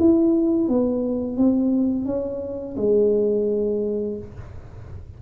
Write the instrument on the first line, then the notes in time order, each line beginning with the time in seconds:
tuba
0.00 E4
0.69 B3
1.38 C4
2.06 C#4
2.77 G#3